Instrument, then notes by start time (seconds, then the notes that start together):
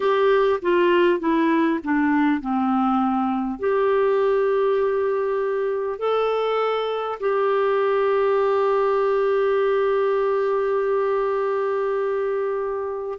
clarinet
0.00 G4
0.62 F4
1.19 E4
1.83 D4
2.40 C4
3.59 G4
5.98 A4
7.20 G4